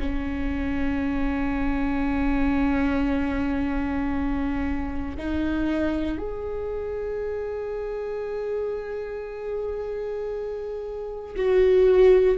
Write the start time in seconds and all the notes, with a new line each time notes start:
0.00 C#4
5.18 D#4
6.18 G#4
11.37 F#4